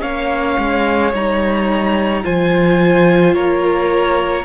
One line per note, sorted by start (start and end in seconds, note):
0.00 0.56 A#3
0.00 1.11 C#4
0.00 2.23 C#5
0.00 1.12 F5
0.57 1.12 G#3
1.12 2.24 G3
1.12 2.23 D#4
1.12 2.25 A#5
2.23 3.35 F3
2.23 4.45 F4
2.23 3.34 C5
2.23 3.33 G#5
3.33 4.45 A#3
3.33 4.45 A#4
3.33 4.44 C#5